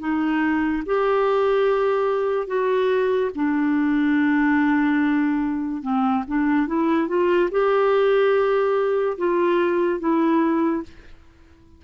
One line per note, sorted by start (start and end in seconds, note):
0.00 0.83 D#4
0.86 2.47 G4
2.47 3.31 F#4
3.35 5.83 D4
5.83 6.24 C4
6.28 6.67 D4
6.67 7.08 E4
7.08 7.50 F4
7.51 9.18 G4
9.18 10.00 F4
10.00 10.84 E4